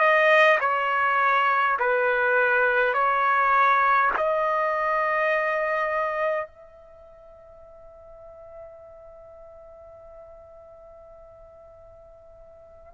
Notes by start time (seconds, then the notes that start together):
0.00 D#5
0.60 C#5
1.79 B4
2.94 C#5
4.17 D#5
6.47 E5